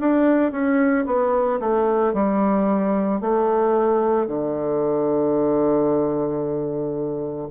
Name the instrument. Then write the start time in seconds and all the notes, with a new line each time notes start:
bassoon
0.00 D4
0.52 C#4
1.06 B3
1.60 A3
2.14 G3
3.21 A3
4.28 D3